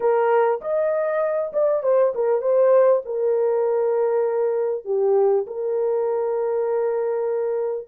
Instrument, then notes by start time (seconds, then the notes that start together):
horn
0.00 A#4
0.61 D#5
1.52 D5
1.83 C5
2.14 A#4
2.41 C5
3.05 A#4
4.85 G4
5.47 A#4